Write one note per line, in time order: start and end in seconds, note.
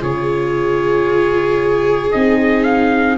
0.00 2.12 C#3
0.00 2.11 F4
0.00 3.17 G#4
0.00 2.12 C#5
2.12 3.18 C4
2.12 3.18 D#4
2.12 2.64 D#5
2.64 3.16 F5